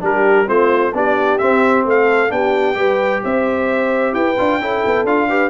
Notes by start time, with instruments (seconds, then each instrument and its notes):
0.00 tuba G3, trombone D4, horn G4, trumpet A#4
0.46 tuba A3, trombone C4, horn F4, trumpet C5
0.93 tuba B3, trombone D4, horn G4, trumpet D5
1.38 trombone C4, tuba C4, trumpet E5
1.85 tuba A3, horn A4, trumpet F5
2.28 tuba B3, trombone D4, horn G4, trumpet G5
2.74 tuba G3, trombone G4, horn B4
3.23 tuba C4, horn C5, trumpet E5
4.13 tuba E4, horn B4, trumpet G5
4.37 tuba D4, trombone F4
4.61 tuba C#4, trombone E4, horn A4
4.86 tuba B3
5.04 tuba D4, trombone F4, trumpet F5
5.28 trombone G4, horn B4